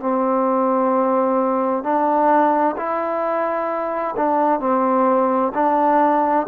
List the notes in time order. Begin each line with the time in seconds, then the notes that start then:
0.00 C4
1.83 D4
2.77 E4
4.17 D4
4.60 C4
5.54 D4